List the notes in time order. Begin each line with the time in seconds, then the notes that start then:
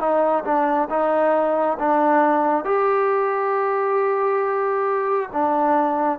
0.00 D#4
0.45 D4
0.90 D#4
1.79 D4
2.65 G4
5.33 D4